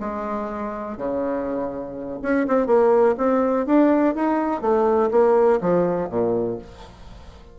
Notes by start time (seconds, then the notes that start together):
0.00 G#3
0.98 C#3
2.22 C#4
2.48 C4
2.67 A#3
3.18 C4
3.67 D4
4.15 D#4
4.62 A3
5.11 A#3
5.61 F3
6.10 A#2